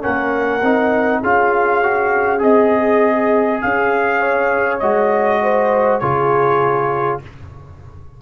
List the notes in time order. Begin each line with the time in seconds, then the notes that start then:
0.00 A#3 C#4 A#4 F#5
0.61 C4 D#4
1.21 C#4 F4 G#4 F5
1.82 F#4
2.39 C4 G#4 D#5
3.61 C#4 F5
4.19 C#5
4.79 G#3 F#4 D#5
5.42 C5
5.99 C#3 F4 G#4 C#5